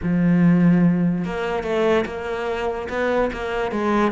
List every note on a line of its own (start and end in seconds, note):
0.02 1.25 F3
1.25 1.63 A#3
1.63 2.04 A3
2.05 2.88 A#3
2.89 3.30 B3
3.33 3.71 A#3
3.71 4.11 G#3